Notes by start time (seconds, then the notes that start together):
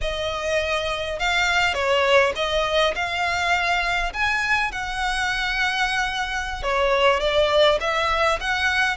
0.01 D#5
1.19 F5
1.74 C#5
2.35 D#5
2.95 F5
4.13 G#5
4.71 F#5
6.62 C#5
7.20 D5
7.80 E5
8.40 F#5